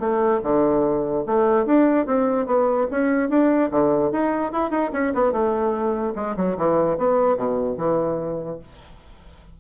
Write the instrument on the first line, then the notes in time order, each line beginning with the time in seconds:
bassoon
0.00 A3
0.44 D3
1.27 A3
1.66 D4
2.07 C4
2.47 B3
2.91 C#4
3.30 D4
3.71 D3
4.12 D#4
4.53 E4
4.71 D#4
4.93 C#4
5.15 B3
5.32 A3
6.16 G#3
6.37 F#3
6.58 E3
6.98 B3
7.37 B2
7.78 E3